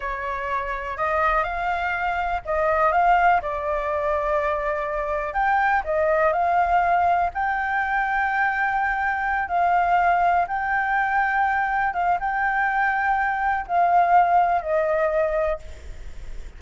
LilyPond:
\new Staff \with { instrumentName = "flute" } { \time 4/4 \tempo 4 = 123 cis''2 dis''4 f''4~ | f''4 dis''4 f''4 d''4~ | d''2. g''4 | dis''4 f''2 g''4~ |
g''2.~ g''8 f''8~ | f''4. g''2~ g''8~ | g''8 f''8 g''2. | f''2 dis''2 | }